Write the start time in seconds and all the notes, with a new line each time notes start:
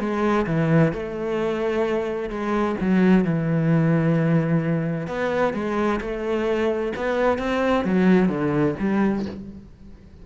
0.00 G#3
0.47 E3
0.93 A3
2.30 G#3
2.81 F#3
3.25 E3
5.07 B3
5.54 G#3
6.01 A3
6.96 B3
7.39 C4
7.85 F#3
8.29 D3
8.80 G3